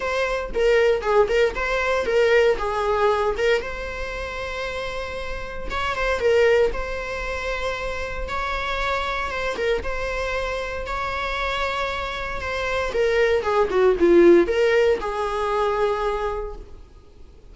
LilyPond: \new Staff \with { instrumentName = "viola" } { \time 4/4 \tempo 4 = 116 c''4 ais'4 gis'8 ais'8 c''4 | ais'4 gis'4. ais'8 c''4~ | c''2. cis''8 c''8 | ais'4 c''2. |
cis''2 c''8 ais'8 c''4~ | c''4 cis''2. | c''4 ais'4 gis'8 fis'8 f'4 | ais'4 gis'2. | }